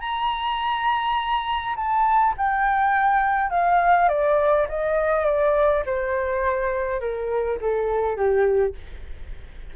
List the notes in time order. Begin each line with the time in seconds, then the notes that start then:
0.00 A#5
1.76 A5
2.37 G5
3.50 F5
4.09 D5
4.68 D#5
5.25 D5
5.86 C5
7.00 A#4
7.61 A4
8.16 G4